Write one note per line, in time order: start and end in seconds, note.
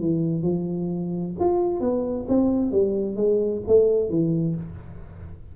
0.00 0.43 E3
0.43 1.34 F3
1.40 1.81 F4
1.81 2.26 B3
2.29 2.72 C4
2.72 3.16 G3
3.16 3.62 G#3
3.68 4.10 A3
4.10 4.56 E3